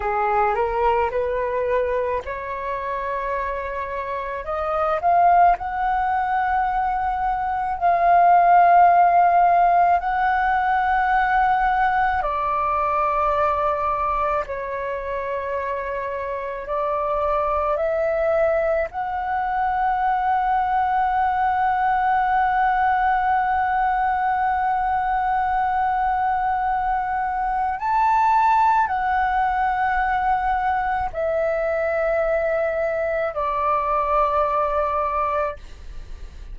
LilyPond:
\new Staff \with { instrumentName = "flute" } { \time 4/4 \tempo 4 = 54 gis'8 ais'8 b'4 cis''2 | dis''8 f''8 fis''2 f''4~ | f''4 fis''2 d''4~ | d''4 cis''2 d''4 |
e''4 fis''2.~ | fis''1~ | fis''4 a''4 fis''2 | e''2 d''2 | }